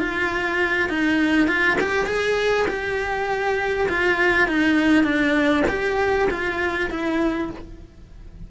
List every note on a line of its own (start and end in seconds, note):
0.00 0.90 F4
0.90 1.48 D#4
1.48 1.78 F4
1.81 2.07 G4
2.07 2.67 G#4
2.68 3.88 G4
3.89 4.48 F4
4.48 5.04 D#4
5.04 5.64 D4
5.69 6.29 G4
6.31 6.91 F4
6.91 7.51 E4